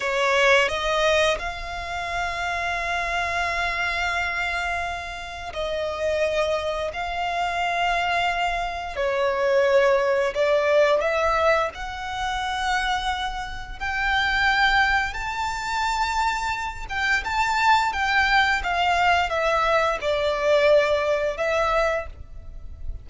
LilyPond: \new Staff \with { instrumentName = "violin" } { \time 4/4 \tempo 4 = 87 cis''4 dis''4 f''2~ | f''1 | dis''2 f''2~ | f''4 cis''2 d''4 |
e''4 fis''2. | g''2 a''2~ | a''8 g''8 a''4 g''4 f''4 | e''4 d''2 e''4 | }